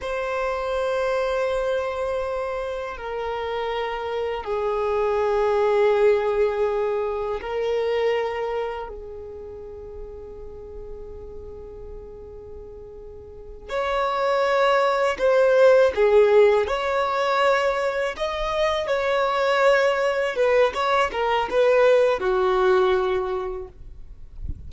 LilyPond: \new Staff \with { instrumentName = "violin" } { \time 4/4 \tempo 4 = 81 c''1 | ais'2 gis'2~ | gis'2 ais'2 | gis'1~ |
gis'2~ gis'8 cis''4.~ | cis''8 c''4 gis'4 cis''4.~ | cis''8 dis''4 cis''2 b'8 | cis''8 ais'8 b'4 fis'2 | }